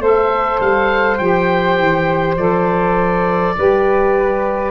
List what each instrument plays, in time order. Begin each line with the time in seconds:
0.00 tuba A3, saxophone A4, flute C5, oboe E5
0.60 tuba G3, oboe F5
1.18 tuba F3, saxophone G4, oboe G5
1.79 tuba E3
2.37 tuba F3, saxophone A4, oboe D5
3.57 tuba G3, saxophone G4, flute B4